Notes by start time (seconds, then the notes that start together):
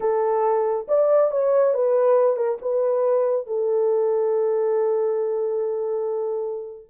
0.00 A4
0.88 D5
1.31 C#5
1.74 B4
2.36 A#4
2.61 B4
3.46 A4